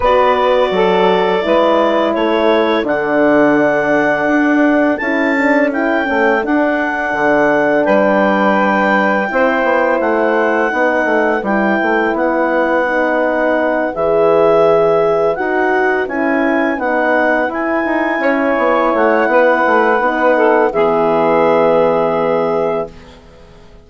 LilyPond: <<
  \new Staff \with { instrumentName = "clarinet" } { \time 4/4 \tempo 4 = 84 d''2. cis''4 | fis''2. a''4 | g''4 fis''2 g''4~ | g''2 fis''2 |
g''4 fis''2~ fis''8 e''8~ | e''4. fis''4 gis''4 fis''8~ | fis''8 gis''2 fis''4.~ | fis''4 e''2. | }
  \new Staff \with { instrumentName = "saxophone" } { \time 4/4 b'4 a'4 b'4 a'4~ | a'1~ | a'2. b'4~ | b'4 c''2 b'4~ |
b'1~ | b'1~ | b'4. cis''4. b'4~ | b'8 a'8 gis'2. | }
  \new Staff \with { instrumentName = "horn" } { \time 4/4 fis'2 e'2 | d'2. e'8 d'8 | e'8 cis'8 d'2.~ | d'4 e'2 dis'4 |
e'2 dis'4. gis'8~ | gis'4. fis'4 e'4 dis'8~ | dis'8 e'2.~ e'8 | dis'4 b2. | }
  \new Staff \with { instrumentName = "bassoon" } { \time 4/4 b4 fis4 gis4 a4 | d2 d'4 cis'4~ | cis'8 a8 d'4 d4 g4~ | g4 c'8 b8 a4 b8 a8 |
g8 a8 b2~ b8 e8~ | e4. dis'4 cis'4 b8~ | b8 e'8 dis'8 cis'8 b8 a8 b8 a8 | b4 e2. | }
>>